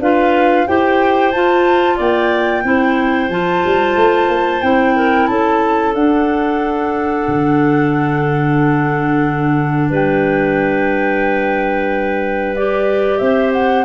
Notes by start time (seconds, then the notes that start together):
0.00 D4 F4 B4 F5
0.68 E4 G4 C5 G5
1.32 F4 A5
1.96 A#3 D5 G5
2.64 C4 E4 C5
3.29 F3 F4 A5
3.66 G3
3.96 A3
4.29 A#3
4.62 C4 E4 G5
4.96 A#4
5.27 C#4 A4 A5
5.95 D4 F#5
7.28 D3
9.90 G3 B4 G5
12.56 G4 D5
13.19 C4 C5 E5
13.53 F#5